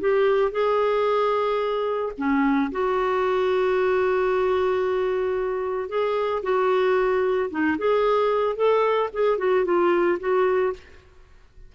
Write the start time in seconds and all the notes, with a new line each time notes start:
0.00 G4
0.52 G#4
2.17 C#4
2.72 F#4
5.89 G#4
6.43 F#4
7.50 D#4
7.78 G#4
8.56 A4
9.13 G#4
9.38 F#4
9.65 F4
10.20 F#4